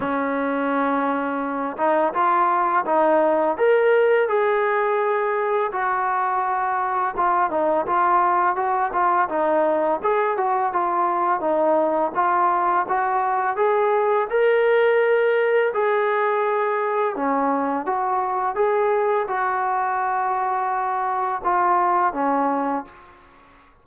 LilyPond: \new Staff \with { instrumentName = "trombone" } { \time 4/4 \tempo 4 = 84 cis'2~ cis'8 dis'8 f'4 | dis'4 ais'4 gis'2 | fis'2 f'8 dis'8 f'4 | fis'8 f'8 dis'4 gis'8 fis'8 f'4 |
dis'4 f'4 fis'4 gis'4 | ais'2 gis'2 | cis'4 fis'4 gis'4 fis'4~ | fis'2 f'4 cis'4 | }